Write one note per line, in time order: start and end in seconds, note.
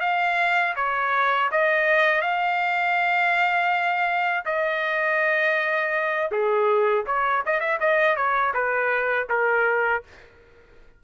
0.00 0.74 F5
0.75 1.49 C#5
1.51 2.21 D#5
2.21 4.43 F5
4.45 6.30 D#5
6.31 7.05 G#4
7.06 7.43 C#5
7.45 7.60 D#5
7.60 7.78 E5
7.79 8.16 D#5
8.16 8.53 C#5
8.53 9.27 B4
9.29 10.03 A#4